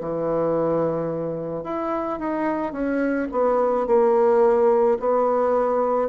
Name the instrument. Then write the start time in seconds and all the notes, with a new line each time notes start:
bassoon
0.00 E3
1.63 E4
2.19 D#4
2.72 C#4
3.31 B3
3.87 A#3
4.99 B3